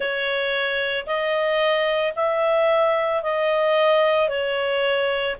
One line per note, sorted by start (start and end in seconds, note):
0.00 1.06 C#5
1.06 2.13 D#5
2.15 3.22 E5
3.22 4.29 D#5
4.29 5.36 C#5